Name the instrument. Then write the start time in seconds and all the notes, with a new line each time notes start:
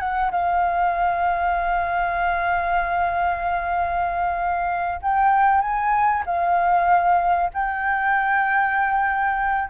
flute
0.00 F#5
0.32 F5
5.02 G5
5.61 G#5
6.26 F5
7.54 G5